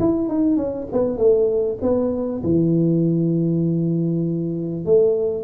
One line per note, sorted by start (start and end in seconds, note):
0.00 0.29 E4
0.29 0.57 D#4
0.57 0.87 C#4
0.93 1.18 B3
1.18 1.79 A3
1.82 2.43 B3
2.44 4.86 E3
4.86 5.44 A3